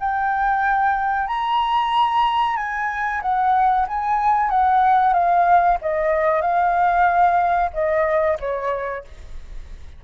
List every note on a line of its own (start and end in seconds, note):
0.00 1.28 G5
1.28 2.57 A#5
2.57 3.21 G#5
3.22 3.87 F#5
3.88 4.50 G#5
4.50 5.13 F#5
5.13 5.78 F5
5.81 6.41 D#5
6.41 7.70 F5
7.74 8.38 D#5
8.40 9.04 C#5